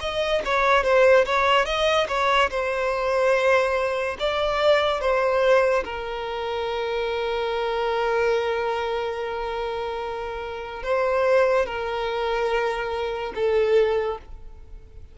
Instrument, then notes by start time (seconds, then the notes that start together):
violin
0.00 D#5
0.45 C#5
0.83 C5
1.25 C#5
1.66 D#5
2.08 C#5
2.50 C5
4.19 D5
5.01 C5
5.85 A#4
10.83 C5
11.66 A#4
13.35 A4